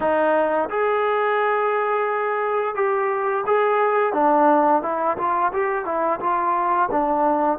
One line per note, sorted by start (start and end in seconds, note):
0.00 0.69 D#4
0.69 2.75 G#4
2.75 3.44 G4
3.46 4.13 G#4
4.13 4.82 D4
4.82 5.17 E4
5.17 5.52 F4
5.53 5.85 G4
5.85 6.19 E4
6.20 6.89 F4
6.91 7.58 D4